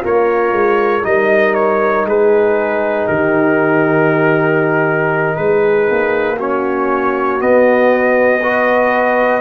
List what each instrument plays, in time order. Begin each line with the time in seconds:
0.00 tuba A#3, horn F4, trombone A#4, trumpet C#5
0.52 tuba G#3
1.03 tuba G3, trombone D#4, horn A#4, trumpet D#5
1.54 trumpet C#5
2.05 tuba G#3, horn G#4, trumpet B4
3.07 tuba D#3, horn G4, trumpet A#4
5.36 tuba G#3, horn G#4, trumpet B4
5.90 tuba A#3
6.37 trombone C#4, horn F#4, trumpet C#5
7.39 trombone B3, tuba B3, trumpet D#5
8.41 trombone F#4, horn B4